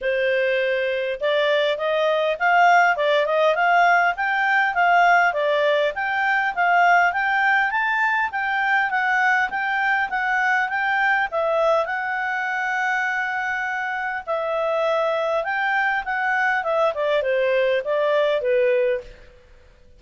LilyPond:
\new Staff \with { instrumentName = "clarinet" } { \time 4/4 \tempo 4 = 101 c''2 d''4 dis''4 | f''4 d''8 dis''8 f''4 g''4 | f''4 d''4 g''4 f''4 | g''4 a''4 g''4 fis''4 |
g''4 fis''4 g''4 e''4 | fis''1 | e''2 g''4 fis''4 | e''8 d''8 c''4 d''4 b'4 | }